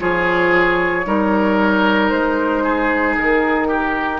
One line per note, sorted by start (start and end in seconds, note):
0.00 1.07 F3
0.00 1.04 F4
0.00 1.06 G#4
0.00 2.10 C#5
1.04 2.12 G3
1.04 4.20 D#4
1.04 2.64 A#4
2.10 3.17 G#3
2.10 3.15 C5
2.64 3.68 G#4
3.18 4.20 D#3
3.18 4.20 A#4
3.68 4.20 G4